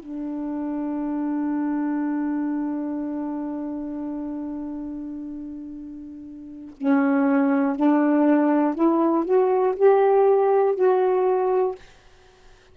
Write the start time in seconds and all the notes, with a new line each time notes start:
0.00 D4
6.78 C#4
7.77 D4
8.75 E4
9.25 F#4
9.77 G4
10.75 F#4